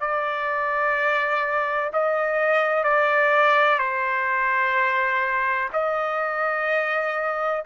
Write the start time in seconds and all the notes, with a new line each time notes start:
0.00 D5
1.93 D#5
2.84 D5
3.78 C5
5.73 D#5